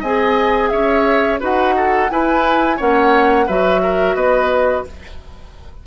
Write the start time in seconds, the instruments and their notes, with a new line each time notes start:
0.00 bassoon C4, clarinet G#4, oboe D#5, flute G#5
0.69 bassoon C#4, oboe C#5, flute E5
1.40 bassoon D#4, clarinet F#4, oboe B4, flute F#5
1.76 oboe A4
2.10 clarinet E4, bassoon E4, oboe B4, flute G#5
2.77 bassoon A#3, clarinet C#4, oboe C#5, flute F#5
3.46 bassoon F#3, clarinet F#4, oboe B4, flute E5
3.83 oboe A#4
4.15 bassoon B3, oboe B4, flute D#5